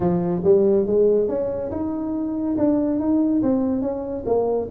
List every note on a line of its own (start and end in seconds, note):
0.00 0.42 F3
0.44 0.86 G3
0.86 1.28 G#3
1.28 1.71 C#4
1.71 2.56 D#4
2.57 2.99 D4
2.99 3.42 D#4
3.42 3.81 C4
3.81 4.24 C#4
4.26 4.68 A#3